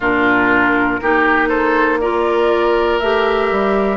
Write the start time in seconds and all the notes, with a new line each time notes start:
0.00 A#2 D4 F4 A#4
1.01 A#3 D#4 G4
1.48 A4 C5
2.00 F4 A#4 D5
2.99 A3 G4 E5
3.51 G3